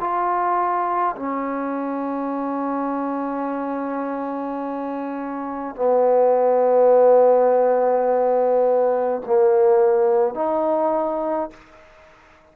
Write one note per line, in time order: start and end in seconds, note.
0.00 1.15 F4
1.16 5.76 C#4
5.76 9.22 B3
9.26 10.35 A#3
10.35 11.50 D#4